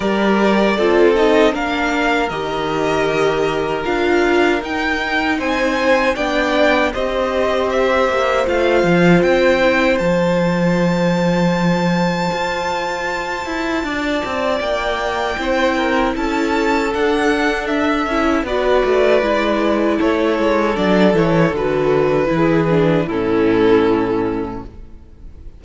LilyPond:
<<
  \new Staff \with { instrumentName = "violin" } { \time 4/4 \tempo 4 = 78 d''4. dis''8 f''4 dis''4~ | dis''4 f''4 g''4 gis''4 | g''4 dis''4 e''4 f''4 | g''4 a''2.~ |
a''2. g''4~ | g''4 a''4 fis''4 e''4 | d''2 cis''4 d''8 cis''8 | b'2 a'2 | }
  \new Staff \with { instrumentName = "violin" } { \time 4/4 ais'4 a'4 ais'2~ | ais'2. c''4 | d''4 c''2.~ | c''1~ |
c''2 d''2 | c''8 ais'8 a'2. | b'2 a'2~ | a'4 gis'4 e'2 | }
  \new Staff \with { instrumentName = "viola" } { \time 4/4 g'4 f'8 dis'8 d'4 g'4~ | g'4 f'4 dis'2 | d'4 g'2 f'4~ | f'8 e'8 f'2.~ |
f'1 | e'2 d'4. e'8 | fis'4 e'2 d'8 e'8 | fis'4 e'8 d'8 cis'2 | }
  \new Staff \with { instrumentName = "cello" } { \time 4/4 g4 c'4 ais4 dis4~ | dis4 d'4 dis'4 c'4 | b4 c'4. ais8 a8 f8 | c'4 f2. |
f'4. e'8 d'8 c'8 ais4 | c'4 cis'4 d'4. cis'8 | b8 a8 gis4 a8 gis8 fis8 e8 | d4 e4 a,2 | }
>>